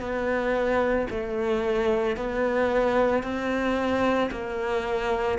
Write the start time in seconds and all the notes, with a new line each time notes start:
0.00 B3
1.11 A3
2.17 B3
3.23 C4
4.31 A#3